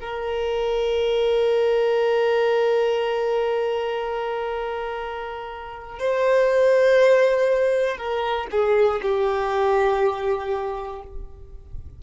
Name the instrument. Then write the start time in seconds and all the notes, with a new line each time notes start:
violin
0.00 A#4
5.99 C5
7.98 A#4
8.51 G#4
9.02 G4